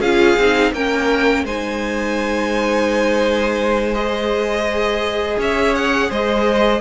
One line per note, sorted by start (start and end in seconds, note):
0.00 0.36 C#4
0.00 0.39 F4
0.00 0.71 G#4
0.00 0.72 F5
0.36 0.72 C4
0.36 0.74 D#4
0.72 1.43 A#3
0.72 1.46 C#4
0.72 1.44 A#4
0.72 1.45 G5
1.44 5.36 G#3
1.44 3.94 D#4
1.44 5.37 C5
1.44 3.94 G#5
3.94 6.80 G#4
3.94 5.37 D#5
5.38 6.09 C#4
5.38 6.09 C#5
5.38 5.75 E5
5.75 6.11 F#5
6.09 6.81 G#3
6.09 6.81 C5
6.09 6.81 D#5